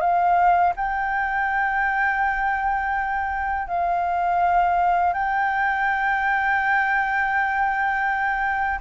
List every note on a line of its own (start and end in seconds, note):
0.00 0.73 F5
0.76 3.68 G5
3.68 5.13 F5
5.13 8.79 G5